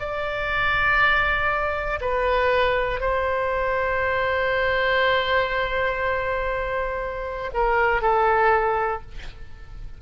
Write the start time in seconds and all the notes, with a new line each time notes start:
0.00 D5
2.01 B4
3.01 C5
7.54 A#4
8.02 A4